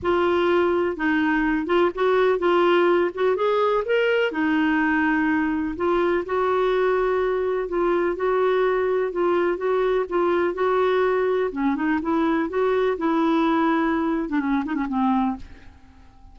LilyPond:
\new Staff \with { instrumentName = "clarinet" } { \time 4/4 \tempo 4 = 125 f'2 dis'4. f'8 | fis'4 f'4. fis'8 gis'4 | ais'4 dis'2. | f'4 fis'2. |
f'4 fis'2 f'4 | fis'4 f'4 fis'2 | cis'8 dis'8 e'4 fis'4 e'4~ | e'4.~ e'16 d'16 cis'8 dis'16 cis'16 c'4 | }